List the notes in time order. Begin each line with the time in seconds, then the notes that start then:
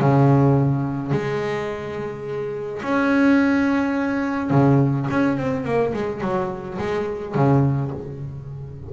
0.00 C#3
1.12 G#3
2.82 C#4
4.50 C#3
5.10 C#4
5.37 C4
5.64 A#3
5.94 G#3
6.21 F#3
6.78 G#3
7.35 C#3